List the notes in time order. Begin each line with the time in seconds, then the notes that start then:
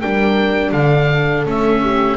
0.00 G3 D4 A#4 G5
0.72 D3 A4 F5
1.46 A3 C#4 E5
1.82 G4